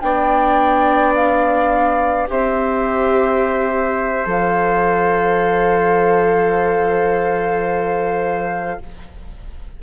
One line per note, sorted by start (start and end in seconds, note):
0.00 2.28 B3
0.00 2.26 D4
0.00 2.30 D5
0.00 1.13 G5
1.15 2.28 F5
2.26 4.25 C4
2.26 4.24 G4
2.26 8.81 C5
2.26 4.28 E5
4.24 8.78 F3
4.24 8.77 A4
4.24 8.82 F5